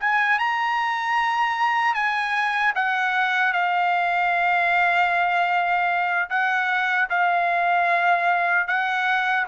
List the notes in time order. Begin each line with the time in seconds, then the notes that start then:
0.00 G#5
0.39 A#5
1.94 G#5
2.75 F#5
3.53 F5
6.29 F#5
7.10 F5
8.67 F#5